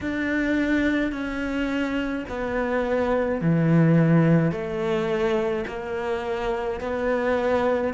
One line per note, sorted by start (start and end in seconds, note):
0.01 1.12 D4
1.12 2.25 C#4
2.28 3.41 B3
3.41 4.51 E3
4.51 5.64 A3
5.67 6.80 A#3
6.80 7.93 B3